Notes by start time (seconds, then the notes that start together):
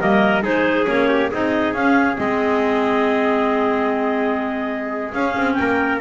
0.00 G3 A#3 A#4 D#5
0.42 G#3 D#4 G#4 C5
0.85 A#3 C#4 C#5
1.08 G4
1.31 C4 D#4 G#4 D#5
1.74 C#4 F5
2.16 G#3 C4 D#5
5.13 C#4 F5
5.36 C4
5.54 A#4 G5
5.60 A#3